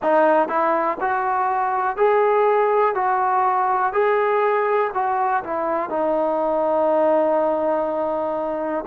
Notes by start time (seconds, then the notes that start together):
0.02 D#4
0.48 E4
1.00 F#4
1.96 G#4
2.94 F#4
3.92 G#4
4.94 F#4
5.43 E4
5.89 D#4